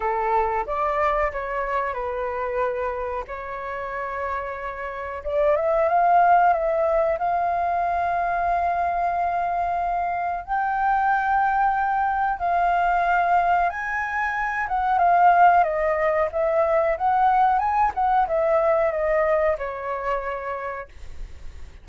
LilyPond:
\new Staff \with { instrumentName = "flute" } { \time 4/4 \tempo 4 = 92 a'4 d''4 cis''4 b'4~ | b'4 cis''2. | d''8 e''8 f''4 e''4 f''4~ | f''1 |
g''2. f''4~ | f''4 gis''4. fis''8 f''4 | dis''4 e''4 fis''4 gis''8 fis''8 | e''4 dis''4 cis''2 | }